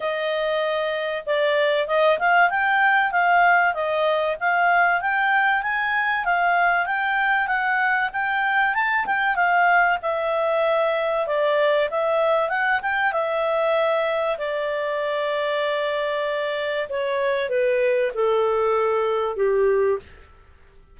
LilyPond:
\new Staff \with { instrumentName = "clarinet" } { \time 4/4 \tempo 4 = 96 dis''2 d''4 dis''8 f''8 | g''4 f''4 dis''4 f''4 | g''4 gis''4 f''4 g''4 | fis''4 g''4 a''8 g''8 f''4 |
e''2 d''4 e''4 | fis''8 g''8 e''2 d''4~ | d''2. cis''4 | b'4 a'2 g'4 | }